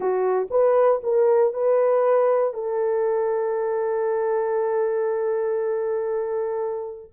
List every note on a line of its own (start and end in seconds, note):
0.00 0.48 F#4
0.50 1.01 B4
1.03 1.53 A#4
1.53 2.53 B4
2.53 7.11 A4